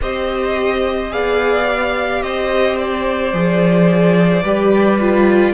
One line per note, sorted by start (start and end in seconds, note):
0.01 1.12 C4
0.01 1.10 G4
0.01 1.12 C5
0.01 1.12 D#5
1.10 2.22 B3
1.10 1.66 G#4
1.10 2.23 D5
1.10 2.22 F5
1.66 3.32 G4
2.22 3.33 C4
2.22 4.42 C5
2.22 2.77 D#5
2.78 5.53 D5
3.33 4.43 F3
3.33 4.44 G#4
4.42 5.53 G3
4.42 5.00 G4
4.42 5.53 B4
5.00 5.53 F4